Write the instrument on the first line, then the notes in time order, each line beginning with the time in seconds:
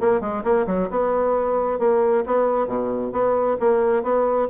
bassoon
0.00 A#3
0.20 G#3
0.43 A#3
0.66 F#3
0.90 B3
1.79 A#3
2.25 B3
2.67 B2
3.12 B3
3.59 A#3
4.03 B3